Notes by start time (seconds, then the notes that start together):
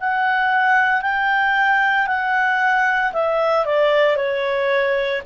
0.00 F#5
1.01 G5
2.07 F#5
3.12 E5
3.65 D5
4.16 C#5